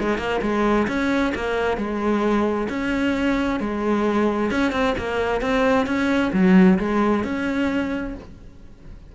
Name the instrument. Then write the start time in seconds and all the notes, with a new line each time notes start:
cello
0.00 G#3
0.18 A#3
0.42 G#3
0.88 C#4
1.35 A#3
1.77 G#3
2.69 C#4
3.60 G#3
4.51 C#4
4.72 C4
4.98 A#3
5.42 C4
5.87 C#4
6.33 F#3
6.79 G#3
7.24 C#4